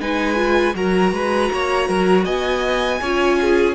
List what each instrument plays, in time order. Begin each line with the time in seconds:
0.00 cello G#3, viola D#4, violin B4 G#5
0.36 viola F4
0.74 cello F#3, viola F#4, violin A#4 A#5
1.12 cello G#3, violin B4
1.52 cello A#3, violin C#5
1.89 cello F#3, violin A#4
2.24 cello B3, violin D#5 G#5
3.01 cello C#4, viola F4, violin C#5
3.41 violin G#4